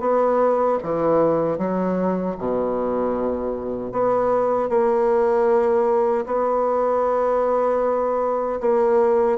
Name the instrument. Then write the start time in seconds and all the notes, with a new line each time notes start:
bassoon
0.00 B3
0.83 E3
1.58 F#3
2.38 B2
3.92 B3
4.69 A#3
6.26 B3
8.60 A#3